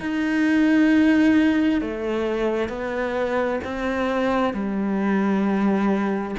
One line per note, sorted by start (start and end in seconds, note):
0.00 1.81 D#4
1.81 2.69 A3
2.69 3.60 B3
3.64 4.53 C4
4.53 6.35 G3